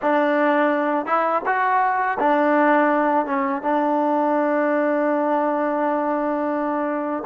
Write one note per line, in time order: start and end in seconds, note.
0.02 1.05 D4
1.05 1.42 E4
1.46 2.18 F#4
2.19 3.26 D4
3.26 3.61 C#4
3.61 7.23 D4